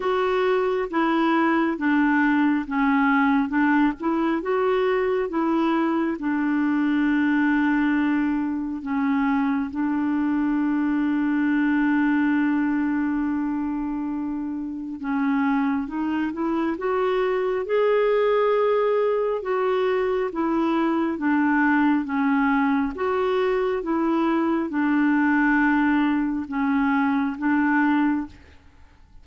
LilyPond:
\new Staff \with { instrumentName = "clarinet" } { \time 4/4 \tempo 4 = 68 fis'4 e'4 d'4 cis'4 | d'8 e'8 fis'4 e'4 d'4~ | d'2 cis'4 d'4~ | d'1~ |
d'4 cis'4 dis'8 e'8 fis'4 | gis'2 fis'4 e'4 | d'4 cis'4 fis'4 e'4 | d'2 cis'4 d'4 | }